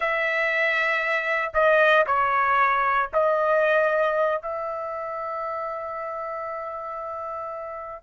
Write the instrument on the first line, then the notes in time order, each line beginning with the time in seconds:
trumpet
0.00 E5
1.53 D#5
2.06 C#5
3.13 D#5
4.42 E5